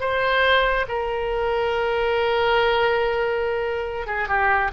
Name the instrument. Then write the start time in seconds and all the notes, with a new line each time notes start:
oboe
0.00 C5
0.88 A#4
4.06 G#4
4.28 G4